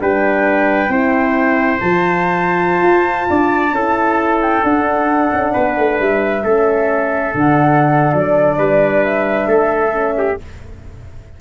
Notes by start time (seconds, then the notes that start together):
0.00 G3 D4 B4 G5
0.88 C4 E4 C5
1.80 F3 F4 A5
2.82 F4
3.29 D4 D5
3.72 C#4 E4 A4
4.41 G5
4.63 D4 F#5
5.33 C#4
5.53 B3 B4
5.77 A3
5.99 G3 E5
6.43 A3 C#4 A4
7.34 D3 D4 F#5
8.13 F#3 D5
8.57 G3 B4
9.03 E5
9.46 A3 A4
9.92 C#4
10.18 G4